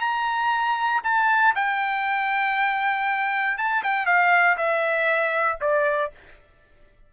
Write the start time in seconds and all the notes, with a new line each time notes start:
0.00 A#5
1.04 A5
1.55 G5
3.58 A5
3.83 G5
4.06 F5
4.57 E5
5.61 D5